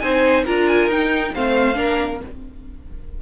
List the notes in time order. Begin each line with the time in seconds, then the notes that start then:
0.00 C4 D#4 C5 G#5
0.45 D4 F4 A#4 A#5
0.68 G#5
0.87 D#4 G5
1.34 A3 C4 C5 F5
1.74 A#3 D4 A#4